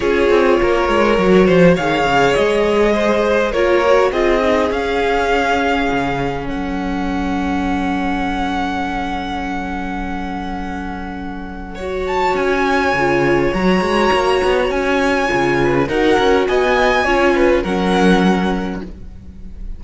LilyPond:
<<
  \new Staff \with { instrumentName = "violin" } { \time 4/4 \tempo 4 = 102 cis''2. f''4 | dis''2 cis''4 dis''4 | f''2. fis''4~ | fis''1~ |
fis''1~ | fis''8 a''8 gis''2 ais''4~ | ais''4 gis''2 fis''4 | gis''2 fis''2 | }
  \new Staff \with { instrumentName = "violin" } { \time 4/4 gis'4 ais'4. c''8 cis''4~ | cis''4 c''4 ais'4 gis'4~ | gis'2. a'4~ | a'1~ |
a'1 | cis''1~ | cis''2~ cis''8 b'8 ais'4 | dis''4 cis''8 b'8 ais'2 | }
  \new Staff \with { instrumentName = "viola" } { \time 4/4 f'2 fis'4 gis'4~ | gis'2 f'8 fis'8 f'8 dis'8 | cis'1~ | cis'1~ |
cis'1 | fis'2 f'4 fis'4~ | fis'2 f'4 fis'4~ | fis'4 f'4 cis'2 | }
  \new Staff \with { instrumentName = "cello" } { \time 4/4 cis'8 c'8 ais8 gis8 fis8 f8 dis8 cis8 | gis2 ais4 c'4 | cis'2 cis4 fis4~ | fis1~ |
fis1~ | fis4 cis'4 cis4 fis8 gis8 | ais8 b8 cis'4 cis4 dis'8 cis'8 | b4 cis'4 fis2 | }
>>